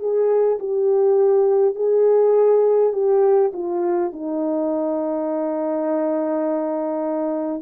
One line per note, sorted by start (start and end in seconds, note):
0.00 0.59 G#4
0.60 1.76 G4
1.76 2.94 G#4
2.94 3.52 G4
3.54 4.13 F4
4.13 7.63 D#4